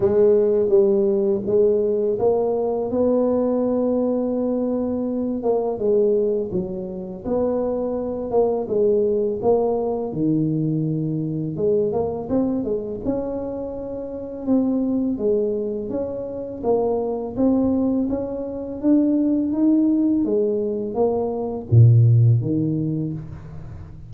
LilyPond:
\new Staff \with { instrumentName = "tuba" } { \time 4/4 \tempo 4 = 83 gis4 g4 gis4 ais4 | b2.~ b8 ais8 | gis4 fis4 b4. ais8 | gis4 ais4 dis2 |
gis8 ais8 c'8 gis8 cis'2 | c'4 gis4 cis'4 ais4 | c'4 cis'4 d'4 dis'4 | gis4 ais4 ais,4 dis4 | }